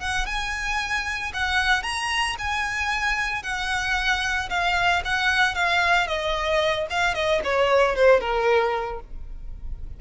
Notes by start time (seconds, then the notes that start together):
0.00 F#5
0.26 G#5
1.33 F#5
1.82 A#5
2.38 G#5
3.43 F#5
4.49 F5
5.04 F#5
5.55 F5
6.07 D#5
6.90 F5
7.14 D#5
7.44 C#5
7.95 C5
8.20 A#4